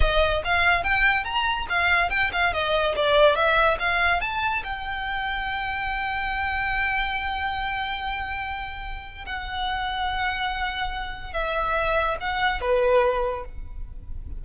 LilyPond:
\new Staff \with { instrumentName = "violin" } { \time 4/4 \tempo 4 = 143 dis''4 f''4 g''4 ais''4 | f''4 g''8 f''8 dis''4 d''4 | e''4 f''4 a''4 g''4~ | g''1~ |
g''1~ | g''2 fis''2~ | fis''2. e''4~ | e''4 fis''4 b'2 | }